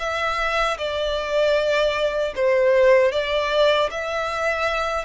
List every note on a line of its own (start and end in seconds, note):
0.00 0.78 E5
0.78 2.34 D5
2.36 3.12 C5
3.12 3.90 D5
3.91 5.05 E5